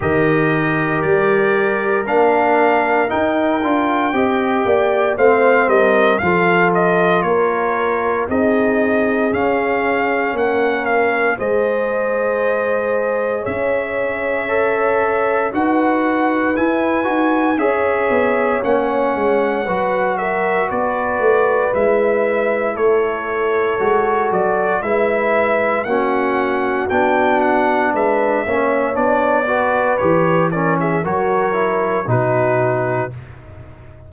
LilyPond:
<<
  \new Staff \with { instrumentName = "trumpet" } { \time 4/4 \tempo 4 = 58 dis''4 d''4 f''4 g''4~ | g''4 f''8 dis''8 f''8 dis''8 cis''4 | dis''4 f''4 fis''8 f''8 dis''4~ | dis''4 e''2 fis''4 |
gis''4 e''4 fis''4. e''8 | d''4 e''4 cis''4. d''8 | e''4 fis''4 g''8 fis''8 e''4 | d''4 cis''8 d''16 e''16 cis''4 b'4 | }
  \new Staff \with { instrumentName = "horn" } { \time 4/4 ais'1 | dis''8 d''8 c''8 ais'8 a'4 ais'4 | gis'2 ais'4 c''4~ | c''4 cis''2 b'4~ |
b'4 cis''2 b'8 ais'8 | b'2 a'2 | b'4 fis'2 b'8 cis''8~ | cis''8 b'4 ais'16 gis'16 ais'4 fis'4 | }
  \new Staff \with { instrumentName = "trombone" } { \time 4/4 g'2 d'4 dis'8 f'8 | g'4 c'4 f'2 | dis'4 cis'2 gis'4~ | gis'2 a'4 fis'4 |
e'8 fis'8 gis'4 cis'4 fis'4~ | fis'4 e'2 fis'4 | e'4 cis'4 d'4. cis'8 | d'8 fis'8 g'8 cis'8 fis'8 e'8 dis'4 | }
  \new Staff \with { instrumentName = "tuba" } { \time 4/4 dis4 g4 ais4 dis'8 d'8 | c'8 ais8 a8 g8 f4 ais4 | c'4 cis'4 ais4 gis4~ | gis4 cis'2 dis'4 |
e'8 dis'8 cis'8 b8 ais8 gis8 fis4 | b8 a8 gis4 a4 gis8 fis8 | gis4 ais4 b4 gis8 ais8 | b4 e4 fis4 b,4 | }
>>